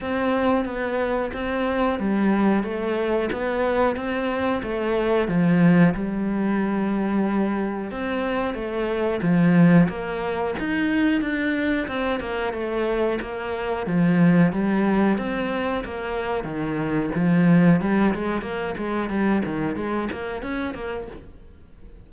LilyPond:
\new Staff \with { instrumentName = "cello" } { \time 4/4 \tempo 4 = 91 c'4 b4 c'4 g4 | a4 b4 c'4 a4 | f4 g2. | c'4 a4 f4 ais4 |
dis'4 d'4 c'8 ais8 a4 | ais4 f4 g4 c'4 | ais4 dis4 f4 g8 gis8 | ais8 gis8 g8 dis8 gis8 ais8 cis'8 ais8 | }